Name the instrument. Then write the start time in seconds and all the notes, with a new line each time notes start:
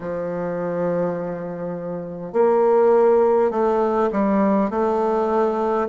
bassoon
0.00 F3
2.33 A#3
3.50 A3
4.12 G3
4.70 A3